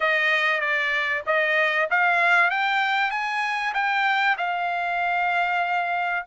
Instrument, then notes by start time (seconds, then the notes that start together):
trumpet
0.00 D#5
0.60 D5
1.26 D#5
1.90 F5
2.50 G5
3.10 G#5
3.74 G5
4.38 F5